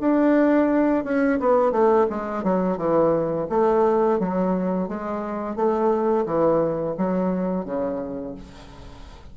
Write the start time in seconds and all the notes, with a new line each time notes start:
0.00 D4
1.04 C#4
1.40 B3
1.72 A3
2.09 G#3
2.43 F#3
2.77 E3
3.49 A3
4.19 F#3
4.88 G#3
5.55 A3
6.26 E3
6.97 F#3
7.65 C#3